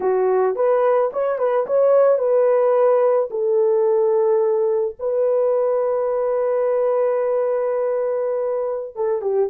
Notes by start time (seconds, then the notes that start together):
0.00 F#4
0.55 B4
1.12 C#5
1.38 B4
1.66 C#5
2.18 B4
3.30 A4
4.99 B4
8.95 A4
9.21 G4